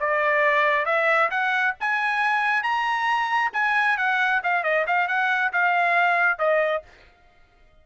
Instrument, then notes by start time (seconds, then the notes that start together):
trumpet
0.00 D5
0.86 E5
1.31 F#5
1.80 G#5
2.63 A#5
3.53 G#5
3.98 F#5
4.44 F5
4.64 D#5
4.87 F5
5.08 F#5
5.53 F5
6.39 D#5